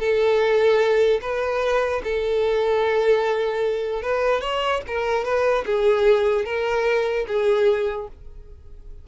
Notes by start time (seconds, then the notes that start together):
0.00 A4
1.22 B4
2.04 A4
4.03 B4
4.41 C#5
4.88 A#4
5.25 B4
5.66 G#4
6.46 A#4
7.28 G#4